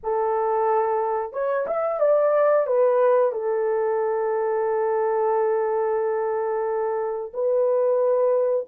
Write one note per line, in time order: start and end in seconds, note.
0.03 1.32 A4
1.32 1.66 C#5
1.66 2.00 E5
2.00 2.66 D5
2.67 3.32 B4
3.32 7.32 A4
7.33 8.67 B4